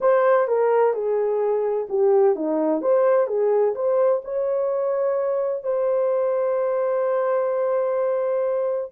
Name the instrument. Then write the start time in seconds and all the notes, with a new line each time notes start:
horn
0.00 C5
0.47 A#4
0.93 G#4
1.89 G4
2.35 D#4
2.81 C5
3.27 G#4
3.75 C5
4.24 C#5
5.63 C5